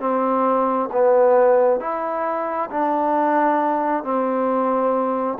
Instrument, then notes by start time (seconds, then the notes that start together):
trombone
0.00 C4
0.92 B3
1.81 E4
2.71 D4
4.04 C4